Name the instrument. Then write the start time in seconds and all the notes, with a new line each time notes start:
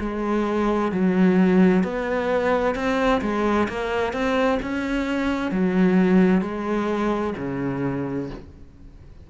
cello
0.00 G#3
0.92 F#3
1.83 B3
2.75 C4
3.22 G#3
3.69 A#3
4.13 C4
4.63 C#4
5.52 F#3
6.42 G#3
7.38 C#3